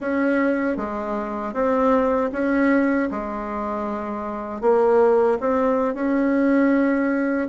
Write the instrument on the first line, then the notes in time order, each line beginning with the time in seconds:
bassoon
0.00 C#4
0.76 G#3
1.53 C4
2.32 C#4
3.10 G#3
4.61 A#3
5.40 C4
5.94 C#4